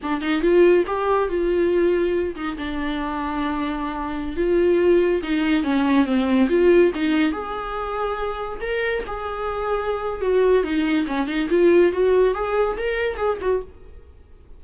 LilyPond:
\new Staff \with { instrumentName = "viola" } { \time 4/4 \tempo 4 = 141 d'8 dis'8 f'4 g'4 f'4~ | f'4. dis'8 d'2~ | d'2~ d'16 f'4.~ f'16~ | f'16 dis'4 cis'4 c'4 f'8.~ |
f'16 dis'4 gis'2~ gis'8.~ | gis'16 ais'4 gis'2~ gis'8. | fis'4 dis'4 cis'8 dis'8 f'4 | fis'4 gis'4 ais'4 gis'8 fis'8 | }